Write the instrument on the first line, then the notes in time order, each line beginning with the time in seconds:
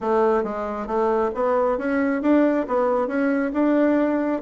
bassoon
0.00 A3
0.43 G#3
0.86 A3
1.34 B3
1.78 C#4
2.22 D4
2.67 B3
3.07 C#4
3.53 D4